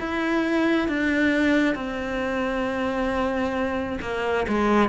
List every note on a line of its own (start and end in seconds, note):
0.00 0.89 E4
0.89 1.75 D4
1.75 3.99 C4
4.02 4.47 A#3
4.49 4.89 G#3